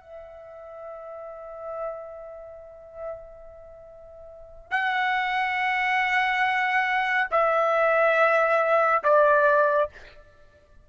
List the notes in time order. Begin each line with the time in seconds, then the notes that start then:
0.00 E5
4.70 F#5
7.31 E5
9.03 D5